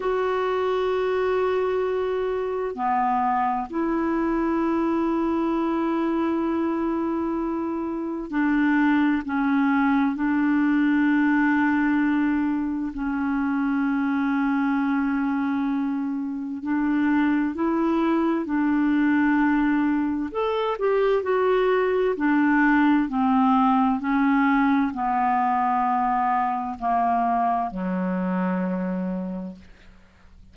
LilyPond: \new Staff \with { instrumentName = "clarinet" } { \time 4/4 \tempo 4 = 65 fis'2. b4 | e'1~ | e'4 d'4 cis'4 d'4~ | d'2 cis'2~ |
cis'2 d'4 e'4 | d'2 a'8 g'8 fis'4 | d'4 c'4 cis'4 b4~ | b4 ais4 fis2 | }